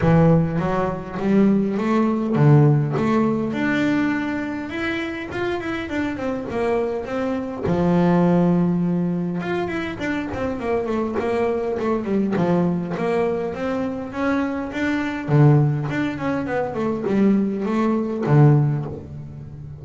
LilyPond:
\new Staff \with { instrumentName = "double bass" } { \time 4/4 \tempo 4 = 102 e4 fis4 g4 a4 | d4 a4 d'2 | e'4 f'8 e'8 d'8 c'8 ais4 | c'4 f2. |
f'8 e'8 d'8 c'8 ais8 a8 ais4 | a8 g8 f4 ais4 c'4 | cis'4 d'4 d4 d'8 cis'8 | b8 a8 g4 a4 d4 | }